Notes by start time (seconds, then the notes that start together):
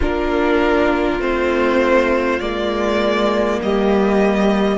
0.00 A#3 D4 F4 A#4
1.20 A3 C4 C5
2.39 G#3 A#3 D5
3.62 G3 G4 D#5